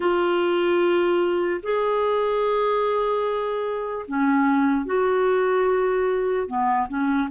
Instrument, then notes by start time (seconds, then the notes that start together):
clarinet
0.00 F4
1.62 G#4
4.07 C#4
4.85 F#4
6.47 B3
6.88 C#4